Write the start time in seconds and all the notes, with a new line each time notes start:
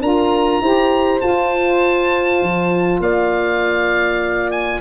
0.00 D4 F4 A#4 A#5
0.61 E4 G4 C5
1.21 F4 A5
2.43 F3
3.00 A#3 D5 F5
4.51 G#5